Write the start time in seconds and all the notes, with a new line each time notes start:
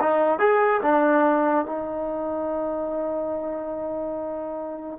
0.00 D#4
0.39 G#4
0.83 D4
1.66 D#4